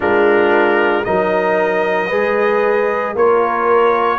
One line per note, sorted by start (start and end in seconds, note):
0.00 1.06 G#3
0.00 1.04 D4
0.00 1.05 F4
0.00 1.04 A#4
1.04 2.11 F#3
1.04 2.10 D#4
1.04 2.08 A#4
1.04 3.15 D#5
2.08 3.14 G#3
2.08 3.15 G#4
2.08 3.13 B4
3.14 4.18 A#3
3.14 4.18 F4
3.14 4.18 A#4
3.14 4.18 C#5